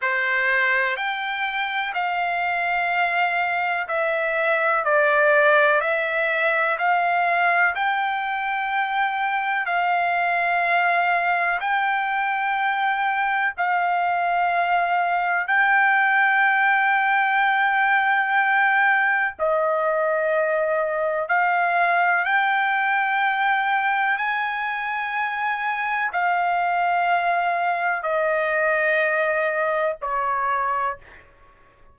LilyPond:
\new Staff \with { instrumentName = "trumpet" } { \time 4/4 \tempo 4 = 62 c''4 g''4 f''2 | e''4 d''4 e''4 f''4 | g''2 f''2 | g''2 f''2 |
g''1 | dis''2 f''4 g''4~ | g''4 gis''2 f''4~ | f''4 dis''2 cis''4 | }